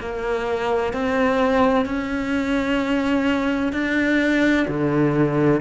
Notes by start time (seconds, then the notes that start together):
0.00 A#3
0.93 C4
1.85 C#4
3.73 D4
4.68 D3